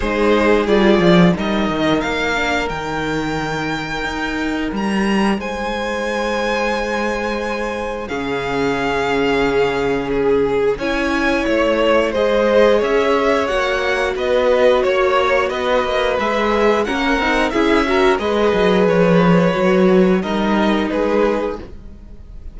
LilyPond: <<
  \new Staff \with { instrumentName = "violin" } { \time 4/4 \tempo 4 = 89 c''4 d''4 dis''4 f''4 | g''2. ais''4 | gis''1 | f''2. gis'4 |
gis''4 cis''4 dis''4 e''4 | fis''4 dis''4 cis''4 dis''4 | e''4 fis''4 e''4 dis''4 | cis''2 dis''4 b'4 | }
  \new Staff \with { instrumentName = "violin" } { \time 4/4 gis'2 ais'2~ | ais'1 | c''1 | gis'1 |
cis''2 c''4 cis''4~ | cis''4 b'4 cis''4 b'4~ | b'4 ais'4 gis'8 ais'8 b'4~ | b'2 ais'4 gis'4 | }
  \new Staff \with { instrumentName = "viola" } { \time 4/4 dis'4 f'4 dis'4. d'8 | dis'1~ | dis'1 | cis'1 |
e'2 gis'2 | fis'1 | gis'4 cis'8 dis'8 e'8 fis'8 gis'4~ | gis'4 fis'4 dis'2 | }
  \new Staff \with { instrumentName = "cello" } { \time 4/4 gis4 g8 f8 g8 dis8 ais4 | dis2 dis'4 g4 | gis1 | cis1 |
cis'4 a4 gis4 cis'4 | ais4 b4 ais4 b8 ais8 | gis4 ais8 c'8 cis'4 gis8 fis8 | f4 fis4 g4 gis4 | }
>>